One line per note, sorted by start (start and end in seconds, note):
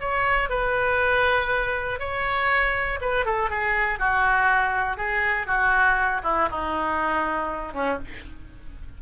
0.00 0.49 C#5
0.49 1.99 B4
1.99 2.99 C#5
3.01 3.25 B4
3.25 3.50 A4
3.50 3.99 G#4
3.99 4.97 F#4
4.97 5.47 G#4
5.47 6.22 F#4
6.23 6.48 E4
6.50 7.73 D#4
7.73 7.98 C#4